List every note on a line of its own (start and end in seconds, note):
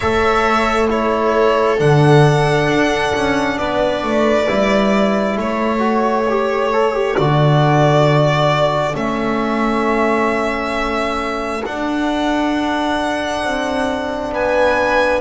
0.00 1.80 A3
0.00 0.88 A4
0.00 0.88 C#5
0.00 0.87 E5
0.88 1.77 E4
0.88 3.56 A4
0.88 1.79 C#5
1.77 2.67 D3
1.77 4.46 D4
1.77 3.58 F#5
2.67 3.12 D4
3.14 3.58 C#4
3.58 4.03 B3
3.58 5.34 B4
3.58 5.37 D5
4.03 4.47 A3
4.47 5.36 G3
4.47 5.79 E4
5.34 7.15 A3
5.34 14.30 A4
5.34 7.16 C#5
5.79 6.24 F#4
6.29 6.73 G4
6.73 6.93 A4
6.93 7.15 G4
7.16 8.94 D3
7.16 8.93 F#4
7.16 8.95 D5
8.93 11.63 A3
8.93 11.62 C#4
8.93 11.65 E5
11.65 13.43 D4
11.65 15.20 D4
11.65 14.33 F#5
13.43 14.31 C4
14.31 15.20 B3
14.31 15.20 B4
14.31 15.20 G#5